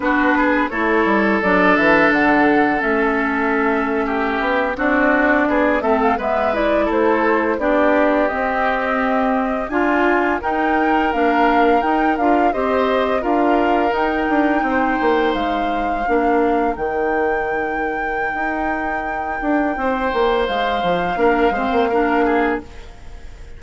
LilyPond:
<<
  \new Staff \with { instrumentName = "flute" } { \time 4/4 \tempo 4 = 85 b'4 cis''4 d''8 e''8 fis''4 | e''2~ e''8. d''4~ d''16~ | d''16 e''16 f''16 e''8 d''8 c''4 d''4 dis''16~ | dis''4.~ dis''16 gis''4 g''4 f''16~ |
f''8. g''8 f''8 dis''4 f''4 g''16~ | g''4.~ g''16 f''2 g''16~ | g''1~ | g''4 f''2. | }
  \new Staff \with { instrumentName = "oboe" } { \time 4/4 fis'8 gis'8 a'2.~ | a'4.~ a'16 g'4 fis'4 gis'16~ | gis'16 a'8 b'4 a'4 g'4~ g'16~ | g'4.~ g'16 f'4 ais'4~ ais'16~ |
ais'4.~ ais'16 c''4 ais'4~ ais'16~ | ais'8. c''2 ais'4~ ais'16~ | ais'1 | c''2 ais'8 c''8 ais'8 gis'8 | }
  \new Staff \with { instrumentName = "clarinet" } { \time 4/4 d'4 e'4 d'2 | cis'2~ cis'8. d'4~ d'16~ | d'16 c'8 b8 e'4. d'4 c'16~ | c'4.~ c'16 f'4 dis'4 d'16~ |
d'8. dis'8 f'8 g'4 f'4 dis'16~ | dis'2~ dis'8. d'4 dis'16~ | dis'1~ | dis'2 d'8 c'8 d'4 | }
  \new Staff \with { instrumentName = "bassoon" } { \time 4/4 b4 a8 g8 fis8 e8 d4 | a2~ a16 b8 c'4 b16~ | b16 a8 gis4 a4 b4 c'16~ | c'4.~ c'16 d'4 dis'4 ais16~ |
ais8. dis'8 d'8 c'4 d'4 dis'16~ | dis'16 d'8 c'8 ais8 gis4 ais4 dis16~ | dis2 dis'4. d'8 | c'8 ais8 gis8 f8 ais8 gis16 ais4~ ais16 | }
>>